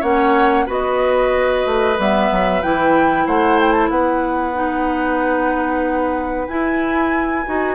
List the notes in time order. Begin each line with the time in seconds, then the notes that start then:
0.00 A#3 C#4 C#5 F#5
0.66 B3 F#4 B4 D#5
1.65 A3
1.98 G3 B3 E5
2.31 F#3
2.62 E3 E4 G5
3.26 A3 C5 F#5
3.60 G5
3.72 A5
3.90 B3 B4 F#5
4.54 D#4
6.47 E4 G#5
7.45 D#4 F#4